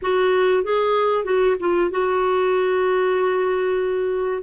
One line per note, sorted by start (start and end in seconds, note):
0.01 0.63 F#4
0.63 1.24 G#4
1.24 1.56 F#4
1.59 1.90 F4
1.90 4.42 F#4